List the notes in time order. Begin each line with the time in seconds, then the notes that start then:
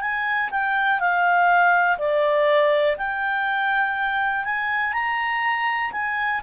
0.00 G#5
0.50 G5
0.99 F5
1.98 D5
2.97 G5
4.44 G#5
4.93 A#5
5.92 G#5